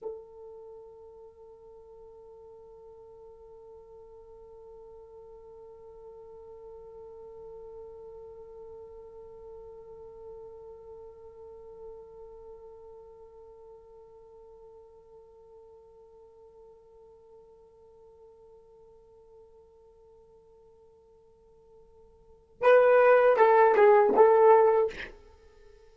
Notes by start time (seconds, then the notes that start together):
0.02 A4
22.62 B4
23.36 A4
23.75 G#4
24.16 A4